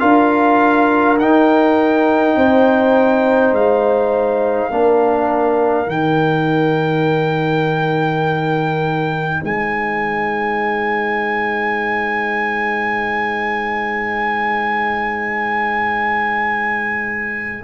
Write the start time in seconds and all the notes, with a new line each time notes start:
0.00 D4 F4 A#4 F5
1.18 D#4 G5
2.37 C4 C5
3.52 G#3 F5
4.71 A#3 D4 A#4
5.87 D#3 D#4 G5
9.43 G#3 C5 G#5